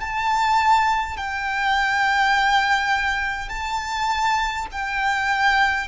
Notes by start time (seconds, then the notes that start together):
0.00 A5
1.17 G5
3.49 A5
4.72 G5